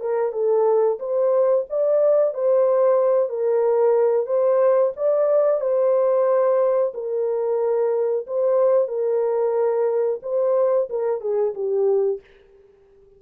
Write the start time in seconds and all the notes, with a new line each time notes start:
0.00 A#4
0.32 A4
0.99 C5
1.69 D5
2.34 C5
3.29 A#4
4.26 C5
4.96 D5
5.61 C5
6.94 A#4
8.27 C5
8.88 A#4
10.22 C5
10.89 A#4
11.21 G#4
11.54 G4